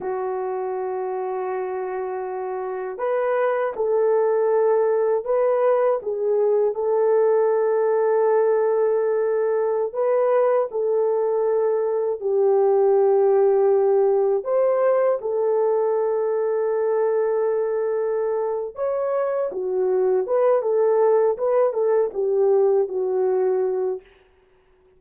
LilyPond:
\new Staff \with { instrumentName = "horn" } { \time 4/4 \tempo 4 = 80 fis'1 | b'4 a'2 b'4 | gis'4 a'2.~ | a'4~ a'16 b'4 a'4.~ a'16~ |
a'16 g'2. c''8.~ | c''16 a'2.~ a'8.~ | a'4 cis''4 fis'4 b'8 a'8~ | a'8 b'8 a'8 g'4 fis'4. | }